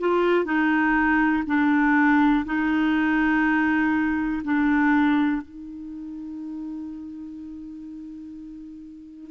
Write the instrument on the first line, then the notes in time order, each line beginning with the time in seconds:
clarinet
0.00 F4
0.46 D#4
1.47 D4
2.46 D#4
4.45 D4
5.42 D#4